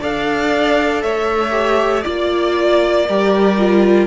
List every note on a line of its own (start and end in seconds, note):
0.00 1.03 D4
0.00 1.51 A4
0.00 1.02 D5
0.00 1.02 F5
1.02 2.04 A3
1.02 2.04 C#5
1.02 2.02 E5
1.51 2.01 G4
2.02 3.08 A#3
2.02 3.06 F4
2.02 4.06 D5
2.02 3.06 D5
3.07 4.07 G3
3.07 3.57 G4
3.07 4.07 A#4
3.57 4.07 F4